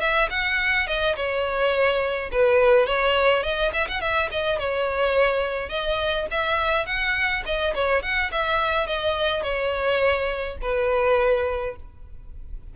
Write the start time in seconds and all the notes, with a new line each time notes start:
0.00 E5
0.30 F#5
0.87 D#5
1.16 C#5
2.31 B4
2.86 C#5
3.43 D#5
3.73 E5
3.88 F#5
4.01 E5
4.31 D#5
4.58 C#5
5.69 D#5
6.31 E5
6.86 F#5
7.45 D#5
7.75 C#5
8.02 F#5
8.31 E5
8.86 D#5
9.43 C#5
10.61 B4